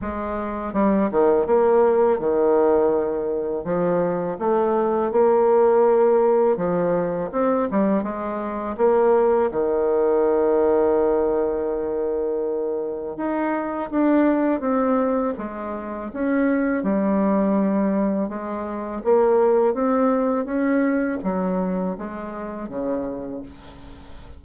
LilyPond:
\new Staff \with { instrumentName = "bassoon" } { \time 4/4 \tempo 4 = 82 gis4 g8 dis8 ais4 dis4~ | dis4 f4 a4 ais4~ | ais4 f4 c'8 g8 gis4 | ais4 dis2.~ |
dis2 dis'4 d'4 | c'4 gis4 cis'4 g4~ | g4 gis4 ais4 c'4 | cis'4 fis4 gis4 cis4 | }